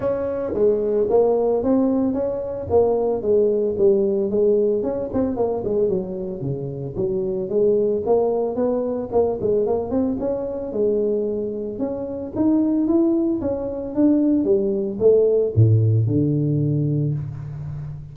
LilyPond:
\new Staff \with { instrumentName = "tuba" } { \time 4/4 \tempo 4 = 112 cis'4 gis4 ais4 c'4 | cis'4 ais4 gis4 g4 | gis4 cis'8 c'8 ais8 gis8 fis4 | cis4 fis4 gis4 ais4 |
b4 ais8 gis8 ais8 c'8 cis'4 | gis2 cis'4 dis'4 | e'4 cis'4 d'4 g4 | a4 a,4 d2 | }